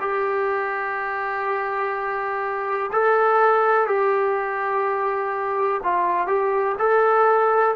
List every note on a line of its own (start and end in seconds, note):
0.00 2.90 G4
2.92 3.87 A4
3.87 5.80 G4
5.83 6.26 F4
6.26 6.75 G4
6.78 7.75 A4